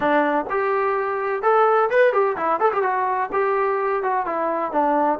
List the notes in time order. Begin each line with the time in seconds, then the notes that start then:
0.00 D4
0.50 G4
1.42 A4
1.90 B4
2.12 G4
2.36 E4
2.60 A4
2.73 G4
2.82 F#4
3.32 G4
4.02 F#4
4.26 E4
4.72 D4